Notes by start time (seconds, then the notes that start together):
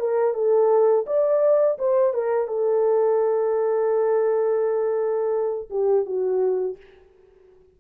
0.00 A#4
0.34 A4
1.07 D5
1.79 C5
2.14 A#4
2.48 A4
5.70 G4
6.06 F#4